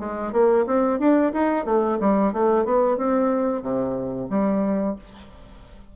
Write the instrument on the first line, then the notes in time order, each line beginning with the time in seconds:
bassoon
0.00 G#3
0.33 A#3
0.67 C4
1.00 D4
1.34 D#4
1.66 A3
2.01 G3
2.33 A3
2.65 B3
2.98 C4
3.62 C3
4.30 G3